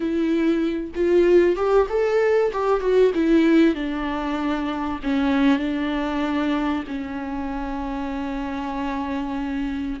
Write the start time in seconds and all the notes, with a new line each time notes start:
0.00 E4
0.95 F4
1.56 G4
1.89 A4
2.52 G4
2.80 F#4
3.14 E4
3.74 D4
5.03 C#4
5.58 D4
6.87 C#4